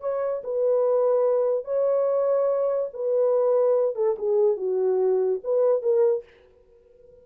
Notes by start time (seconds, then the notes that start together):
0.00 C#5
0.43 B4
1.64 C#5
2.93 B4
3.95 A4
4.18 G#4
4.56 F#4
5.43 B4
5.82 A#4